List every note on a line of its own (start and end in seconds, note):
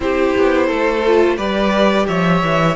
0.00 0.33 C4
0.00 1.02 E4
0.00 0.66 G4
0.00 1.37 C5
0.36 0.70 B3
0.66 1.37 A3
0.66 1.35 A4
1.06 1.37 F4
1.36 2.06 G3
1.36 2.75 G4
1.36 2.05 B4
1.36 2.06 D5
2.07 2.42 F3
2.07 2.75 C#5
2.07 2.75 E5
2.42 2.75 E3